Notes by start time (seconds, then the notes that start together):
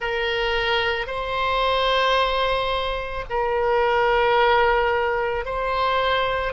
0.00 A#4
1.06 C5
3.29 A#4
5.45 C5